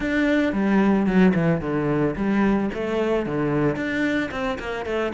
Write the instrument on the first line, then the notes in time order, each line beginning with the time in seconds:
cello
0.00 D4
0.53 G3
1.06 F#3
1.34 E3
1.61 D3
2.15 G3
2.73 A3
3.26 D3
3.76 D4
4.31 C4
4.59 A#3
4.85 A3